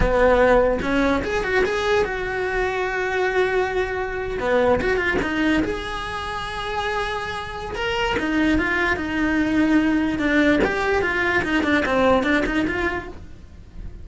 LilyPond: \new Staff \with { instrumentName = "cello" } { \time 4/4 \tempo 4 = 147 b2 cis'4 gis'8 fis'8 | gis'4 fis'2.~ | fis'2~ fis'8. b4 fis'16~ | fis'16 f'8 dis'4 gis'2~ gis'16~ |
gis'2. ais'4 | dis'4 f'4 dis'2~ | dis'4 d'4 g'4 f'4 | dis'8 d'8 c'4 d'8 dis'8 f'4 | }